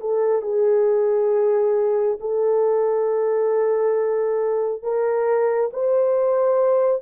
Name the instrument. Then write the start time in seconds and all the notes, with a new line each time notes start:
horn
0.00 A4
0.41 G#4
2.20 A4
4.82 A#4
5.73 C5